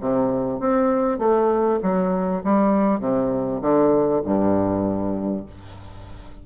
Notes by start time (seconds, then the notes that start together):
0.00 C3
0.60 C4
1.18 A3
1.82 F#3
2.43 G3
2.99 C3
3.61 D3
4.24 G2